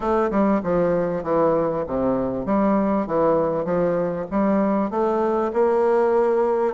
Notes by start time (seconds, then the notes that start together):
0.00 A3
0.30 G3
0.63 F3
1.23 E3
1.87 C3
2.45 G3
3.06 E3
3.64 F3
4.30 G3
4.90 A3
5.53 A#3